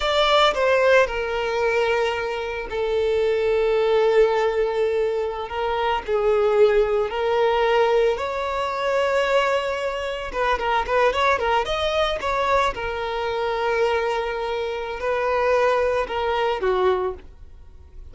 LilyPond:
\new Staff \with { instrumentName = "violin" } { \time 4/4 \tempo 4 = 112 d''4 c''4 ais'2~ | ais'4 a'2.~ | a'2~ a'16 ais'4 gis'8.~ | gis'4~ gis'16 ais'2 cis''8.~ |
cis''2.~ cis''16 b'8 ais'16~ | ais'16 b'8 cis''8 ais'8 dis''4 cis''4 ais'16~ | ais'1 | b'2 ais'4 fis'4 | }